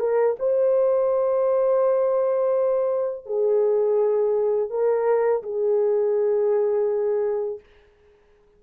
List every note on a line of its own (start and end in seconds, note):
0.00 0.36 A#4
0.39 3.26 C5
3.26 4.71 G#4
4.71 5.43 A#4
5.43 7.60 G#4